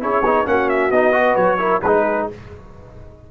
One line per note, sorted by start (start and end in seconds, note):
0.00 0.22 C#4
0.00 0.23 E4
0.00 0.47 G#4
0.00 0.46 C#5
0.22 0.45 B3
0.22 0.46 D#4
0.46 0.90 A#3
0.46 0.91 C#4
0.46 1.17 F#4
0.46 0.69 F#5
0.69 0.91 E5
0.90 1.36 B3
0.90 1.13 D#4
0.90 1.35 D#5
1.13 1.58 F#4
1.13 1.59 B4
1.35 1.81 F#3
1.35 1.80 C#5
1.58 1.81 E4
1.58 1.81 A#4
1.81 2.28 G#3
1.81 2.31 D#4
1.81 2.29 G#4
1.81 2.27 B4